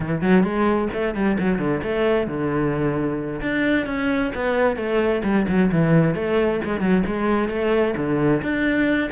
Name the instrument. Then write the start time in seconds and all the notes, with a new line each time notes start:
cello
0.00 E3
0.21 F#3
0.43 G#3
0.93 A3
1.14 G3
1.39 F#3
1.58 D3
1.83 A3
2.27 D3
3.41 D4
3.86 C#4
4.35 B3
4.76 A3
5.23 G3
5.48 F#3
5.71 E3
6.15 A3
6.64 G#3
6.80 F#3
7.06 G#3
7.49 A3
7.96 D3
8.42 D4